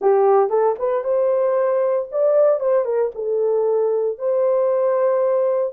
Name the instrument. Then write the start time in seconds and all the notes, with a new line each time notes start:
horn
0.01 G4
0.49 A4
0.78 B4
1.03 C5
2.11 D5
2.60 C5
2.85 A#4
3.14 A4
4.18 C5